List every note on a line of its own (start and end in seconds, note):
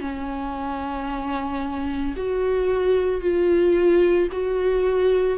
0.00 2.14 C#4
2.16 3.21 F#4
3.21 4.28 F4
4.32 5.38 F#4